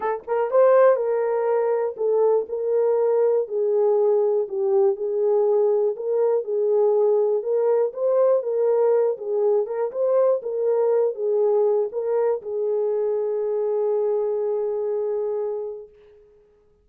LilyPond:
\new Staff \with { instrumentName = "horn" } { \time 4/4 \tempo 4 = 121 a'8 ais'8 c''4 ais'2 | a'4 ais'2 gis'4~ | gis'4 g'4 gis'2 | ais'4 gis'2 ais'4 |
c''4 ais'4. gis'4 ais'8 | c''4 ais'4. gis'4. | ais'4 gis'2.~ | gis'1 | }